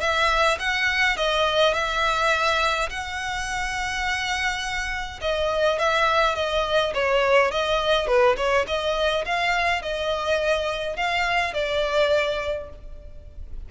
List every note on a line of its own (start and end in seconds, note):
0.00 0.58 E5
0.59 1.16 F#5
1.16 1.74 D#5
1.74 2.89 E5
2.89 5.20 F#5
5.21 5.78 D#5
5.79 6.35 E5
6.35 6.93 D#5
6.94 7.51 C#5
7.51 8.07 D#5
8.07 8.36 B4
8.37 8.65 C#5
8.67 9.24 D#5
9.25 9.82 F5
9.82 10.96 D#5
10.96 11.54 F5
11.54 12.69 D5